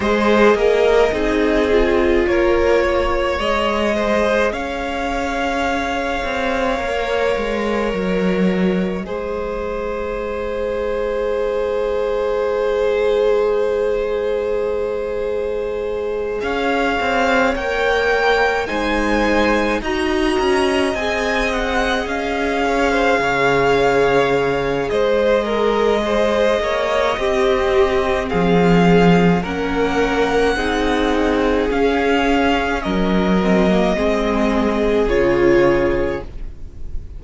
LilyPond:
<<
  \new Staff \with { instrumentName = "violin" } { \time 4/4 \tempo 4 = 53 dis''2 cis''4 dis''4 | f''2. dis''4~ | dis''1~ | dis''2~ dis''8 f''4 g''8~ |
g''8 gis''4 ais''4 gis''8 fis''8 f''8~ | f''2 dis''2~ | dis''4 f''4 fis''2 | f''4 dis''2 cis''4 | }
  \new Staff \with { instrumentName = "violin" } { \time 4/4 c''8 ais'8 gis'4 ais'8 cis''4 c''8 | cis''1 | c''1~ | c''2~ c''8 cis''4.~ |
cis''8 c''4 dis''2~ dis''8 | cis''16 c''16 cis''4. c''8 ais'8 c''8 cis''8 | g'4 gis'4 ais'4 gis'4~ | gis'4 ais'4 gis'2 | }
  \new Staff \with { instrumentName = "viola" } { \time 4/4 gis'4 dis'8 f'4. gis'4~ | gis'2 ais'2 | gis'1~ | gis'2.~ gis'8 ais'8~ |
ais'8 dis'4 fis'4 gis'4.~ | gis'1 | c'2 cis'4 dis'4 | cis'4. c'16 ais16 c'4 f'4 | }
  \new Staff \with { instrumentName = "cello" } { \time 4/4 gis8 ais8 c'4 ais4 gis4 | cis'4. c'8 ais8 gis8 fis4 | gis1~ | gis2~ gis8 cis'8 c'8 ais8~ |
ais8 gis4 dis'8 cis'8 c'4 cis'8~ | cis'8 cis4. gis4. ais8 | c'4 f4 ais4 c'4 | cis'4 fis4 gis4 cis4 | }
>>